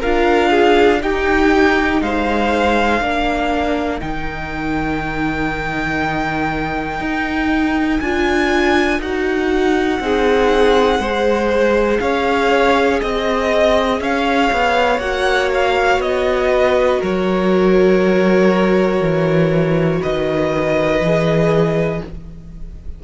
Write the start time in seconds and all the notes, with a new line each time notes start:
0.00 D4 F4 A#4 F5
0.51 G#4
1.01 D#4 G4 G5
2.02 G#3 C5 F5
3.01 A#3 D4 A#4
4.01 D#3 D#4 G5
7.00 D#4
8.01 D4 F4 G#5
9.00 D#4 F#4 F#5
10.00 C4 D#4 G#4
10.99 G#3 G#4 C5
12.00 C#4 C#5 F5
13.01 C4 D#5
14.01 C#4 C#5 F5
14.53 B3
14.99 A#3 F#4 F#5
15.55 F5
15.99 B3 D#5
16.52 B4
17.00 F#3 A#4 C#5
19.01 E3
20.02 D#3 B4 D#5
21.01 E3 G#4